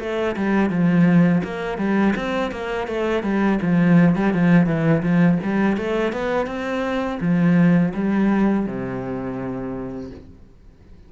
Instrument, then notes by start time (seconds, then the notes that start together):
cello
0.00 A3
0.36 G3
0.70 F3
1.44 A#3
1.78 G3
2.16 C4
2.51 A#3
2.88 A3
3.23 G3
3.62 F3
4.16 G3
4.33 F3
4.66 E3
5.03 F3
5.43 G3
5.77 A3
6.12 B3
6.47 C4
7.21 F3
7.94 G3
8.66 C3